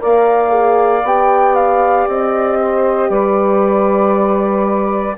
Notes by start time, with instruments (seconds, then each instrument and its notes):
0.00 bassoon A#3, horn A#4, saxophone D5, flute F5
0.49 horn G#4
1.03 bassoon B3, horn G4, flute G5
1.55 flute F5
2.08 bassoon C4, flute D#5
2.61 saxophone C5
3.09 bassoon G3, saxophone B4, flute D5